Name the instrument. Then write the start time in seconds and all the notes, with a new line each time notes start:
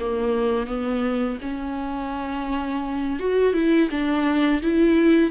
viola
0.00 A#3
0.67 B3
1.42 C#4
3.19 F#4
3.54 E4
3.91 D4
4.62 E4